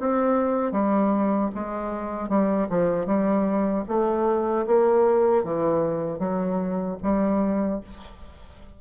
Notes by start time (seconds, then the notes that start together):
0.00 C4
0.72 G3
1.55 G#3
2.29 G3
2.70 F3
3.06 G3
3.88 A3
4.67 A#3
5.44 E3
6.19 F#3
7.03 G3